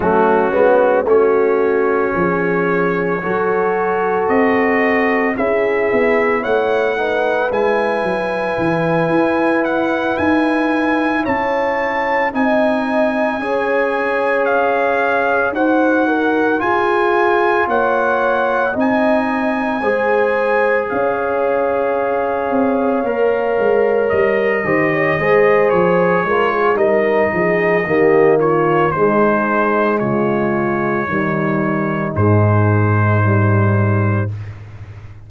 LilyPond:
<<
  \new Staff \with { instrumentName = "trumpet" } { \time 4/4 \tempo 4 = 56 fis'4 cis''2. | dis''4 e''4 fis''4 gis''4~ | gis''4 fis''8 gis''4 a''4 gis''8~ | gis''4. f''4 fis''4 gis''8~ |
gis''8 fis''4 gis''2 f''8~ | f''2~ f''8 dis''4. | cis''4 dis''4. cis''8 c''4 | cis''2 c''2 | }
  \new Staff \with { instrumentName = "horn" } { \time 4/4 cis'4 fis'4 gis'4 a'4~ | a'4 gis'4 cis''8 b'4.~ | b'2~ b'8 cis''4 dis''8~ | dis''8 cis''2 c''8 ais'8 gis'8~ |
gis'8 cis''4 dis''4 c''4 cis''8~ | cis''2. c''16 cis''16 c''8~ | c''8 ais'16 gis'16 ais'8 gis'8 g'8 f'8 dis'4 | f'4 dis'2. | }
  \new Staff \with { instrumentName = "trombone" } { \time 4/4 a8 b8 cis'2 fis'4~ | fis'4 e'4. dis'8 e'4~ | e'2.~ e'8 dis'8~ | dis'8 gis'2 fis'4 f'8~ |
f'4. dis'4 gis'4.~ | gis'4. ais'4. g'8 gis'8~ | gis'8 f'8 dis'4 ais4 gis4~ | gis4 g4 gis4 g4 | }
  \new Staff \with { instrumentName = "tuba" } { \time 4/4 fis8 gis8 a4 f4 fis4 | c'4 cis'8 b8 a4 gis8 fis8 | e8 e'4 dis'4 cis'4 c'8~ | c'8 cis'2 dis'4 f'8~ |
f'8 ais4 c'4 gis4 cis'8~ | cis'4 c'8 ais8 gis8 g8 dis8 gis8 | f8 gis8 g8 f8 dis4 gis4 | cis4 dis4 gis,2 | }
>>